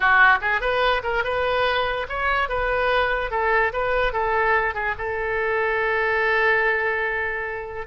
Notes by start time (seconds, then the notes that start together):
0.00 F#4
0.41 G#4
0.60 B4
1.03 A#4
1.24 B4
2.08 C#5
2.48 B4
3.30 A4
3.72 B4
4.12 A4
4.74 G#4
4.98 A4